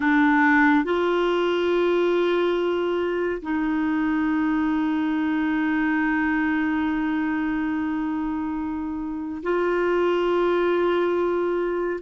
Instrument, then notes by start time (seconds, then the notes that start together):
clarinet
0.00 D4
0.84 F4
3.42 D#4
9.42 F4